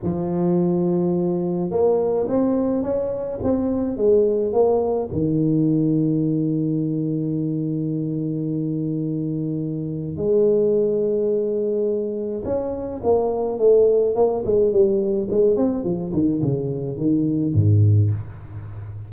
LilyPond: \new Staff \with { instrumentName = "tuba" } { \time 4/4 \tempo 4 = 106 f2. ais4 | c'4 cis'4 c'4 gis4 | ais4 dis2.~ | dis1~ |
dis2 gis2~ | gis2 cis'4 ais4 | a4 ais8 gis8 g4 gis8 c'8 | f8 dis8 cis4 dis4 gis,4 | }